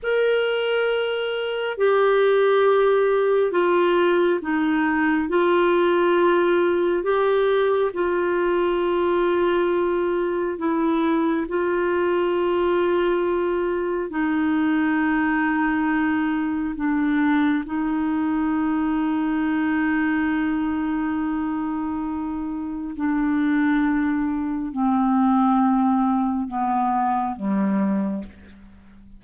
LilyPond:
\new Staff \with { instrumentName = "clarinet" } { \time 4/4 \tempo 4 = 68 ais'2 g'2 | f'4 dis'4 f'2 | g'4 f'2. | e'4 f'2. |
dis'2. d'4 | dis'1~ | dis'2 d'2 | c'2 b4 g4 | }